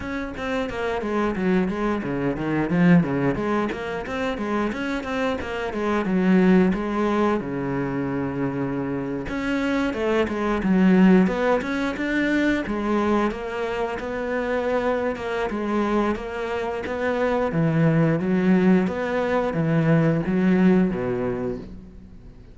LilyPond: \new Staff \with { instrumentName = "cello" } { \time 4/4 \tempo 4 = 89 cis'8 c'8 ais8 gis8 fis8 gis8 cis8 dis8 | f8 cis8 gis8 ais8 c'8 gis8 cis'8 c'8 | ais8 gis8 fis4 gis4 cis4~ | cis4.~ cis16 cis'4 a8 gis8 fis16~ |
fis8. b8 cis'8 d'4 gis4 ais16~ | ais8. b4.~ b16 ais8 gis4 | ais4 b4 e4 fis4 | b4 e4 fis4 b,4 | }